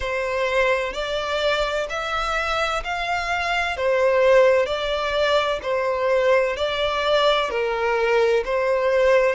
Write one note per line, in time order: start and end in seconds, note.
0.00 0.93 C5
0.93 1.87 D5
1.89 2.83 E5
2.84 3.76 F5
3.76 4.65 C5
4.65 5.59 D5
5.62 6.56 C5
6.56 7.50 D5
7.50 8.43 A#4
8.44 9.35 C5